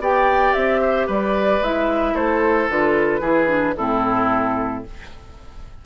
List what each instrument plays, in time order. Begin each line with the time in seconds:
0.00 bassoon B3, clarinet G4, oboe D5, flute G5
0.54 bassoon C4, flute E5
0.81 oboe C5
1.07 bassoon G3, oboe B4, flute D5
1.60 bassoon G#3, clarinet E4, flute E5
2.14 bassoon A3, oboe A4, flute C5
2.70 bassoon D3, clarinet F4, flute B4
3.21 bassoon E3, clarinet E4, oboe G#4
3.48 clarinet D4
3.76 bassoon A2, clarinet C4, oboe E4, flute A4